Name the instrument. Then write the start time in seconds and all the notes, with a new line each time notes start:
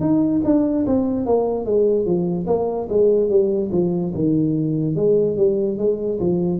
tuba
0.00 D#4
0.44 D4
0.86 C4
1.26 A#3
1.65 G#3
2.05 F3
2.47 A#3
2.89 G#3
3.29 G3
3.72 F3
4.14 D#3
4.95 G#3
5.37 G3
5.78 G#3
6.20 F3